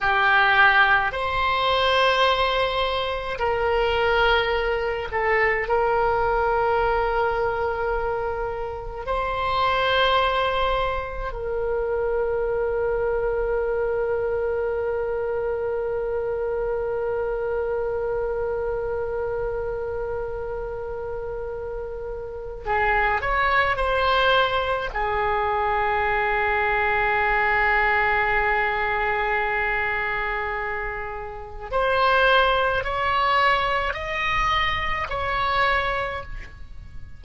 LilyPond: \new Staff \with { instrumentName = "oboe" } { \time 4/4 \tempo 4 = 53 g'4 c''2 ais'4~ | ais'8 a'8 ais'2. | c''2 ais'2~ | ais'1~ |
ais'1 | gis'8 cis''8 c''4 gis'2~ | gis'1 | c''4 cis''4 dis''4 cis''4 | }